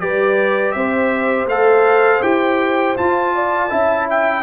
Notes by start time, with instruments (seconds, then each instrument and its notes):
0.00 tuba G3, trombone G4, horn B4, trumpet D5
0.72 tuba C4, horn C5, trumpet E5
1.47 tuba A3, trombone A4, trumpet F5
2.22 tuba E4, trombone G4, trumpet G5
2.97 trombone F4, tuba F4, trumpet A5
3.35 horn D5
3.70 tuba C#4, trombone E4, horn E5
4.10 trumpet G5